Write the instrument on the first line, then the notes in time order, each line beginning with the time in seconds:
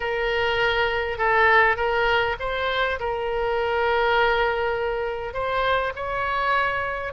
oboe
0.00 A#4
1.17 A4
1.76 A#4
2.39 C5
2.99 A#4
5.33 C5
5.95 C#5